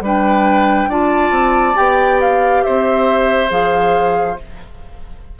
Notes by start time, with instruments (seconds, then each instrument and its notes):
0.00 bassoon G3, clarinet D4, oboe B4
0.07 flute G5
0.87 bassoon D4, clarinet F4, oboe D5, flute A5
1.31 bassoon C4
1.74 bassoon B3, clarinet G4, flute G5
2.21 flute F5
2.64 bassoon C4, oboe C5, flute E5
3.50 bassoon F3, clarinet G#4, flute F5